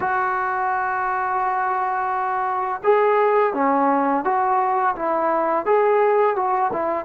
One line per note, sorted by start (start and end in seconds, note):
0.00 2.81 F#4
2.83 3.53 G#4
3.53 4.24 C#4
4.24 4.95 F#4
4.95 5.65 E4
5.65 6.35 G#4
6.35 6.71 F#4
6.72 7.05 E4